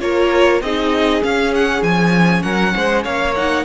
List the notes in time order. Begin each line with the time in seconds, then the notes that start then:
0.00 A#3 F4 A#4 C#5
0.61 C4 D#4 G#4 D#5
1.22 C#4 F5
1.54 F#5
1.82 F3 G#5
2.42 F#3 A#4 F#5
2.76 G#3 C5
3.04 A#3 C#5 F5
3.36 D#4 F#5